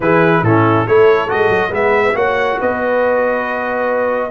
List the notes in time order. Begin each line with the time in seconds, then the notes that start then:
0.00 E3 E4 G#4 B4
0.42 A2 C#4 E4 A4
0.87 A3 E4 A4 C#5
1.28 G#3 F#4 D#5
1.48 F#3
1.69 G#3 B3 B4 E5
2.14 A#3 F#4 C#5 F#5
2.59 B3 B4 D#5